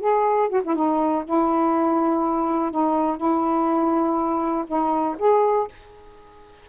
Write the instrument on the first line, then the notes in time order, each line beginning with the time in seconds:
saxophone
0.00 G#4
0.49 F#4
0.64 E4
0.75 D#4
1.25 E4
2.71 D#4
3.17 E4
4.67 D#4
5.19 G#4